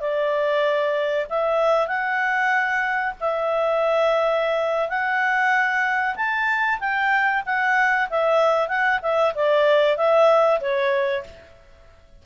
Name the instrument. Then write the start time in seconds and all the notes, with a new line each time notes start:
clarinet
0.00 D5
1.29 E5
1.87 F#5
3.20 E5
4.89 F#5
6.16 A5
6.80 G5
7.46 F#5
8.10 E5
8.68 F#5
9.02 E5
9.34 D5
9.97 E5
10.60 C#5